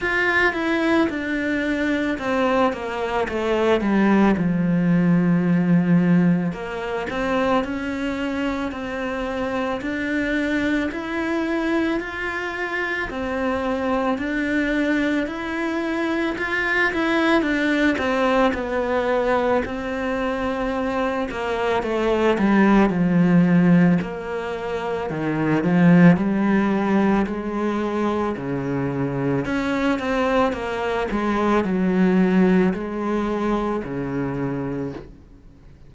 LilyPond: \new Staff \with { instrumentName = "cello" } { \time 4/4 \tempo 4 = 55 f'8 e'8 d'4 c'8 ais8 a8 g8 | f2 ais8 c'8 cis'4 | c'4 d'4 e'4 f'4 | c'4 d'4 e'4 f'8 e'8 |
d'8 c'8 b4 c'4. ais8 | a8 g8 f4 ais4 dis8 f8 | g4 gis4 cis4 cis'8 c'8 | ais8 gis8 fis4 gis4 cis4 | }